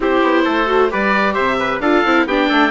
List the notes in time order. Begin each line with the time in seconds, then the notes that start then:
0.00 C4 E4 G4 C5
0.23 B3
0.44 A3 A4
0.66 F#4
0.90 G3 G4 B4 D5
1.33 C3 C5 E5
1.59 B4
1.80 D4 F4 A4 F5
2.05 C4 E4
2.25 B3 D4 G4 G5
2.48 A3 A4